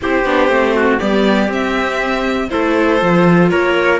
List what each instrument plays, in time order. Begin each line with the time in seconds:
0.01 cello C4, viola E4, trumpet G4, violin C5
0.24 cello B3, viola D4
0.48 cello A3, viola C4
0.75 trumpet F#4
0.99 cello G3, viola B3, trumpet G4, violin D5
1.48 cello C4, viola C4, violin E5
2.49 cello A3, viola E4, trumpet A4, violin C5
3.00 cello F3, viola F4
3.50 cello A#3, trumpet A#4, violin C#5